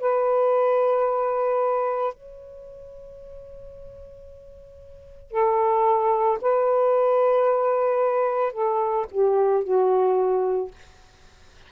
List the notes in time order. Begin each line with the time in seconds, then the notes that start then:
0.00 B4
2.14 C#5
5.31 A4
6.41 B4
8.53 A4
9.11 G4
9.64 F#4